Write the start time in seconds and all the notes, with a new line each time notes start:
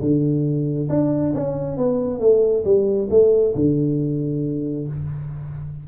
0.00 D3
0.89 D4
1.34 C#4
1.77 B3
2.20 A3
2.64 G3
3.10 A3
3.55 D3